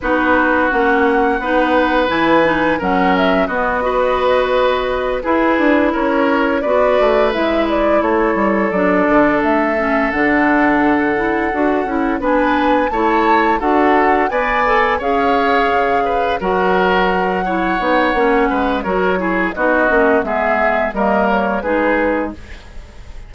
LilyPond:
<<
  \new Staff \with { instrumentName = "flute" } { \time 4/4 \tempo 4 = 86 b'4 fis''2 gis''4 | fis''8 e''8 dis''2~ dis''8 b'8~ | b'8 cis''4 d''4 e''8 d''8 cis''8~ | cis''8 d''4 e''4 fis''4.~ |
fis''4. gis''4 a''4 fis''8~ | fis''8 gis''4 f''2 fis''8~ | fis''2. cis''4 | dis''4 e''4 dis''8 cis''8 b'4 | }
  \new Staff \with { instrumentName = "oboe" } { \time 4/4 fis'2 b'2 | ais'4 fis'8 b'2 gis'8~ | gis'8 ais'4 b'2 a'8~ | a'1~ |
a'4. b'4 cis''4 a'8~ | a'8 d''4 cis''4. b'8 ais'8~ | ais'4 cis''4. b'8 ais'8 gis'8 | fis'4 gis'4 ais'4 gis'4 | }
  \new Staff \with { instrumentName = "clarinet" } { \time 4/4 dis'4 cis'4 dis'4 e'8 dis'8 | cis'4 b8 fis'2 e'8~ | e'4. fis'4 e'4.~ | e'8 d'4. cis'8 d'4. |
e'8 fis'8 e'8 d'4 e'4 fis'8~ | fis'8 b'8 a'8 gis'2 fis'8~ | fis'4 e'8 dis'8 cis'4 fis'8 e'8 | dis'8 cis'8 b4 ais4 dis'4 | }
  \new Staff \with { instrumentName = "bassoon" } { \time 4/4 b4 ais4 b4 e4 | fis4 b2~ b8 e'8 | d'8 cis'4 b8 a8 gis4 a8 | g8 fis8 d8 a4 d4.~ |
d8 d'8 cis'8 b4 a4 d'8~ | d'8 b4 cis'4 cis4 fis8~ | fis4. b8 ais8 gis8 fis4 | b8 ais8 gis4 g4 gis4 | }
>>